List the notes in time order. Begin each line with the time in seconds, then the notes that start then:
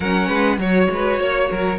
0.00 F#3 C#4 A#4 F#5
0.28 G#3 B4
0.58 F#3 F#4 C#5
0.90 G#3 B4
1.19 A#3 C#5
1.50 F#3 A#4